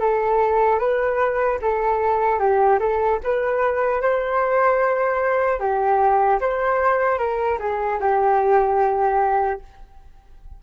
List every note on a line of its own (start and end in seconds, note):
0.00 0.79 A4
0.79 1.59 B4
1.61 2.39 A4
2.39 2.79 G4
2.80 3.20 A4
3.24 4.02 B4
4.02 5.60 C5
5.60 6.40 G4
6.40 7.19 C5
7.19 7.59 A#4
7.59 7.99 G#4
8.00 9.60 G4